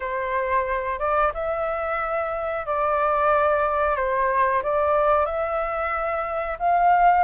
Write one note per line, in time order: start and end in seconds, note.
0.00 0.99 C5
0.99 1.32 D5
1.34 2.66 E5
2.66 3.96 D5
3.96 4.62 C5
4.62 5.25 D5
5.25 6.57 E5
6.59 7.23 F5